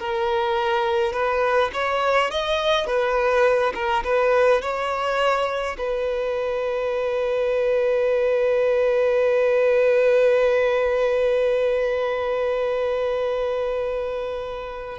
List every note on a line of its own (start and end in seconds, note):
0.00 1.13 A#4
1.13 1.71 B4
1.74 2.31 C#5
2.31 2.87 D#5
2.87 3.73 B4
3.74 4.03 A#4
4.04 4.62 B4
4.62 5.77 C#5
5.78 14.99 B4